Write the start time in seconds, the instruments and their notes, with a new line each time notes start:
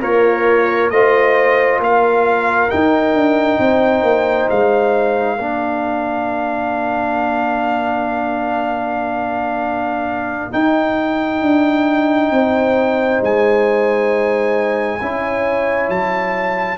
0.00 tuba A#3, horn F4, trombone A#4, trumpet C#5
0.90 tuba A3, trombone F4, horn C5, trumpet D#5
1.78 tuba A#3, horn A#4, trumpet F5
2.69 trombone D#4, tuba D#4, trumpet G5
3.13 tuba D4
3.58 tuba C4, horn C5
4.03 tuba A#3
4.49 tuba G#3, trumpet F5
5.38 tuba A#3, trombone D4, horn A#4
10.51 trombone D#4, tuba D#4, trumpet G5
11.41 tuba D4
12.31 tuba C4, horn C5
13.21 tuba G#3, trumpet G#5
15.01 tuba C#4, trombone E4, horn C#5
15.89 tuba F#3, trumpet A5